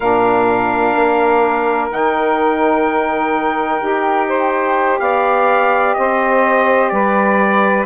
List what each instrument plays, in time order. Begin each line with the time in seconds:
0.00 bassoon A#2, saxophone D4 A#4, trumpet F5
0.95 bassoon A#3
1.89 bassoon D#3, saxophone D#4, trumpet G5
3.80 bassoon D#4, saxophone G4
4.28 saxophone C5
4.99 bassoon B3, saxophone D5, trumpet F5
5.93 bassoon C4, saxophone C5, trumpet D#5
6.88 bassoon G3, saxophone B4, trumpet D5